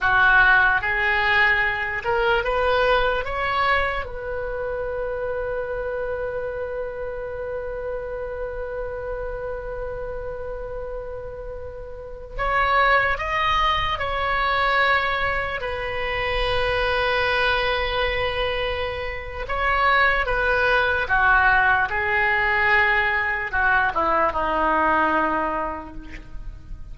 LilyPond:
\new Staff \with { instrumentName = "oboe" } { \time 4/4 \tempo 4 = 74 fis'4 gis'4. ais'8 b'4 | cis''4 b'2.~ | b'1~ | b'2.~ b'16 cis''8.~ |
cis''16 dis''4 cis''2 b'8.~ | b'1 | cis''4 b'4 fis'4 gis'4~ | gis'4 fis'8 e'8 dis'2 | }